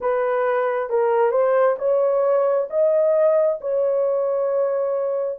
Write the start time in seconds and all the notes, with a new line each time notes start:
0.00 B4
0.90 A#4
1.31 C5
1.78 C#5
2.69 D#5
3.60 C#5